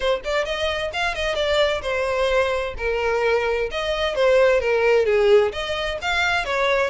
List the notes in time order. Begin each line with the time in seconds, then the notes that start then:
0.00 C5
0.24 D5
0.45 D#5
0.93 F5
1.15 D#5
1.35 D5
1.82 C5
2.77 A#4
3.71 D#5
4.15 C5
4.60 A#4
5.05 G#4
5.52 D#5
6.01 F5
6.45 C#5